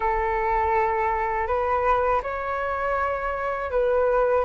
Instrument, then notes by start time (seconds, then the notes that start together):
flute
0.00 A4
1.47 B4
2.23 C#5
3.70 B4